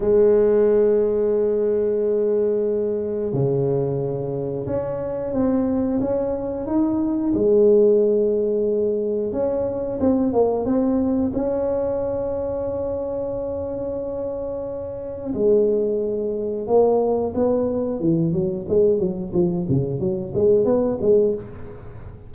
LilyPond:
\new Staff \with { instrumentName = "tuba" } { \time 4/4 \tempo 4 = 90 gis1~ | gis4 cis2 cis'4 | c'4 cis'4 dis'4 gis4~ | gis2 cis'4 c'8 ais8 |
c'4 cis'2.~ | cis'2. gis4~ | gis4 ais4 b4 e8 fis8 | gis8 fis8 f8 cis8 fis8 gis8 b8 gis8 | }